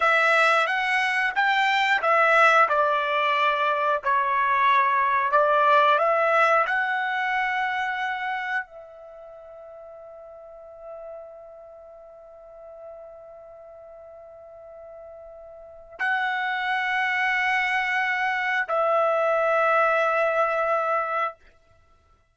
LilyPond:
\new Staff \with { instrumentName = "trumpet" } { \time 4/4 \tempo 4 = 90 e''4 fis''4 g''4 e''4 | d''2 cis''2 | d''4 e''4 fis''2~ | fis''4 e''2.~ |
e''1~ | e''1 | fis''1 | e''1 | }